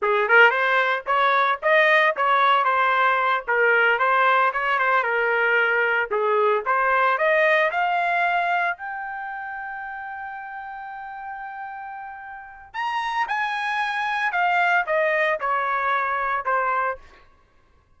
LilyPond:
\new Staff \with { instrumentName = "trumpet" } { \time 4/4 \tempo 4 = 113 gis'8 ais'8 c''4 cis''4 dis''4 | cis''4 c''4. ais'4 c''8~ | c''8 cis''8 c''8 ais'2 gis'8~ | gis'8 c''4 dis''4 f''4.~ |
f''8 g''2.~ g''8~ | g''1 | ais''4 gis''2 f''4 | dis''4 cis''2 c''4 | }